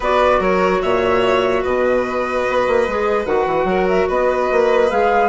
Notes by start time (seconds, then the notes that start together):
0.00 B3 F#4 B4 D5
0.39 F#3 A#4 C#5
0.82 A#2 C#5 E5
1.62 B2 B4 D#5
2.48 B3
2.67 A#3
2.87 G#3 G#4
3.25 D#3 F#4 F#5
3.46 E3
3.64 F#3 A#4
3.88 E5
4.08 B3 B4 D#5
4.50 A#3
4.89 G#3 G#4 F5